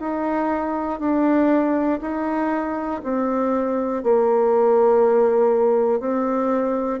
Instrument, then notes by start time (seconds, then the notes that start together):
bassoon
0.00 D#4
0.99 D4
2.01 D#4
3.03 C4
4.03 A#3
6.00 C4